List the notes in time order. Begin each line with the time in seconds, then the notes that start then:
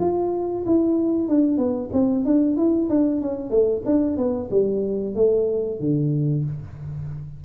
0.00 F4
0.66 E4
1.28 D4
1.57 B3
1.93 C4
2.25 D4
2.57 E4
2.89 D4
3.21 C#4
3.50 A3
3.86 D4
4.17 B3
4.50 G3
5.15 A3
5.80 D3